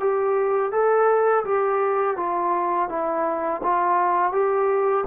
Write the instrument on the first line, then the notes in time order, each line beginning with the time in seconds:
trombone
0.00 G4
0.72 A4
1.45 G4
2.17 F4
2.89 E4
3.63 F4
4.33 G4